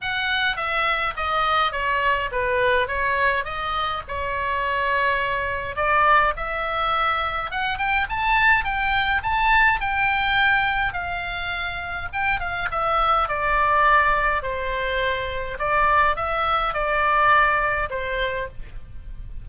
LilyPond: \new Staff \with { instrumentName = "oboe" } { \time 4/4 \tempo 4 = 104 fis''4 e''4 dis''4 cis''4 | b'4 cis''4 dis''4 cis''4~ | cis''2 d''4 e''4~ | e''4 fis''8 g''8 a''4 g''4 |
a''4 g''2 f''4~ | f''4 g''8 f''8 e''4 d''4~ | d''4 c''2 d''4 | e''4 d''2 c''4 | }